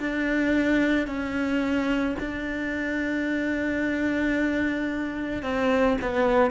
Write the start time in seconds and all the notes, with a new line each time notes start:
0.00 D4
1.07 C#4
2.20 D4
5.43 C4
6.02 B3